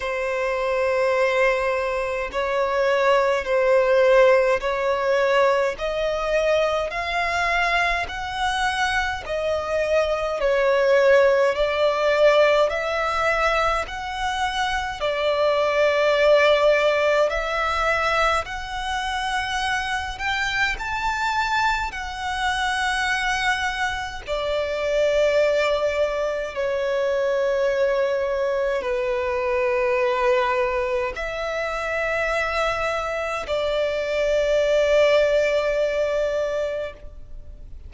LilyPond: \new Staff \with { instrumentName = "violin" } { \time 4/4 \tempo 4 = 52 c''2 cis''4 c''4 | cis''4 dis''4 f''4 fis''4 | dis''4 cis''4 d''4 e''4 | fis''4 d''2 e''4 |
fis''4. g''8 a''4 fis''4~ | fis''4 d''2 cis''4~ | cis''4 b'2 e''4~ | e''4 d''2. | }